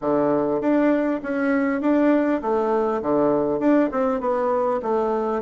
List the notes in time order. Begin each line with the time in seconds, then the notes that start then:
0.01 D3
0.60 D4
1.22 C#4
1.81 D4
2.41 A3
3.02 D3
3.59 D4
3.91 C4
4.20 B3
4.82 A3